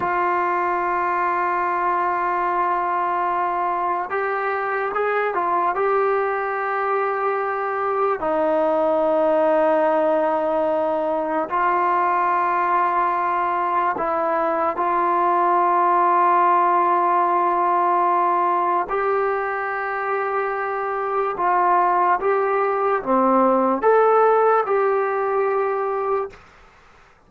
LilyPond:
\new Staff \with { instrumentName = "trombone" } { \time 4/4 \tempo 4 = 73 f'1~ | f'4 g'4 gis'8 f'8 g'4~ | g'2 dis'2~ | dis'2 f'2~ |
f'4 e'4 f'2~ | f'2. g'4~ | g'2 f'4 g'4 | c'4 a'4 g'2 | }